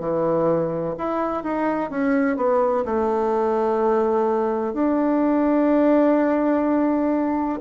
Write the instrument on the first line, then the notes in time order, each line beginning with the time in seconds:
bassoon
0.00 E3
0.98 E4
1.44 D#4
1.90 C#4
2.37 B3
2.85 A3
4.74 D4